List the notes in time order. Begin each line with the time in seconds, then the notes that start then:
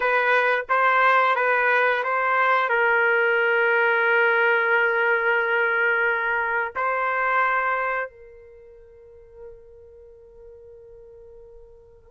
0.00 B4
0.69 C5
1.35 B4
2.03 C5
2.69 A#4
6.75 C5
8.09 A#4